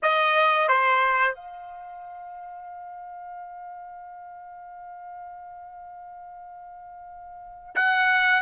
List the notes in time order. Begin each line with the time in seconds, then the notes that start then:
0.02 D#5
0.68 C5
1.35 F5
7.75 F#5